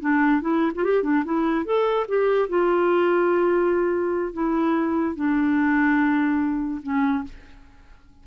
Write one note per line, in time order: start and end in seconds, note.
0.00 0.41 D4
0.41 0.72 E4
0.75 0.84 F4
0.84 1.03 G4
1.03 1.23 D4
1.25 1.65 E4
1.65 2.06 A4
2.08 2.48 G4
2.48 4.33 F4
4.33 5.15 E4
5.15 6.81 D4
6.82 7.24 C#4